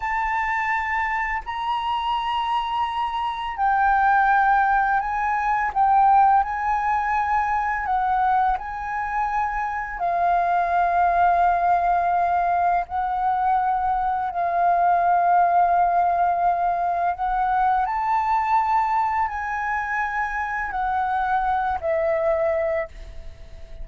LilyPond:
\new Staff \with { instrumentName = "flute" } { \time 4/4 \tempo 4 = 84 a''2 ais''2~ | ais''4 g''2 gis''4 | g''4 gis''2 fis''4 | gis''2 f''2~ |
f''2 fis''2 | f''1 | fis''4 a''2 gis''4~ | gis''4 fis''4. e''4. | }